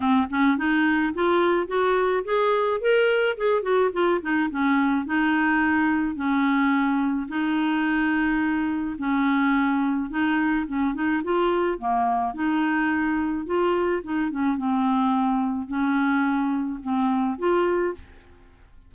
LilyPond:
\new Staff \with { instrumentName = "clarinet" } { \time 4/4 \tempo 4 = 107 c'8 cis'8 dis'4 f'4 fis'4 | gis'4 ais'4 gis'8 fis'8 f'8 dis'8 | cis'4 dis'2 cis'4~ | cis'4 dis'2. |
cis'2 dis'4 cis'8 dis'8 | f'4 ais4 dis'2 | f'4 dis'8 cis'8 c'2 | cis'2 c'4 f'4 | }